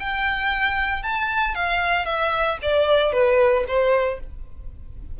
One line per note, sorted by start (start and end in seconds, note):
0.00 1.03 G5
1.03 1.55 A5
1.55 2.06 F5
2.06 2.58 E5
2.62 3.13 D5
3.13 3.65 B4
3.68 4.20 C5